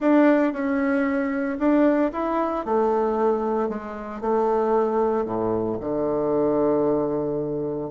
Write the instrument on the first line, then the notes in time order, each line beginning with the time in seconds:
bassoon
0.00 D4
0.52 C#4
1.58 D4
2.12 E4
2.65 A3
3.68 G#3
4.20 A3
5.25 A2
5.80 D3